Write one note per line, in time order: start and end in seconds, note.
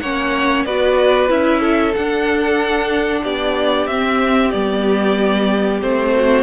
0.00 0.66 A#3
0.00 0.68 C#4
0.00 0.66 C#5
0.00 0.65 F#5
0.65 1.30 B3
0.65 1.29 F#4
0.65 1.60 B4
0.65 1.30 D5
1.29 1.95 C#4
1.29 1.93 E4
1.29 1.95 E5
1.60 3.22 A4
1.95 3.25 D4
1.95 3.89 D4
1.95 3.24 F#5
3.24 3.87 B3
3.24 6.14 G4
3.24 3.87 D5
3.87 4.52 C4
3.87 4.53 C4
3.87 4.51 E5
4.51 5.82 G3
4.51 5.82 B3
4.51 5.80 D5
5.82 6.44 A3
5.82 6.44 C4
5.82 6.44 C5
6.16 6.44 F#4